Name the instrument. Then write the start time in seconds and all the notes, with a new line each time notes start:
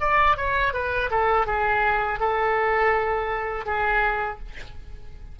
oboe
0.00 D5
0.37 C#5
0.73 B4
1.10 A4
1.46 G#4
2.19 A4
3.66 G#4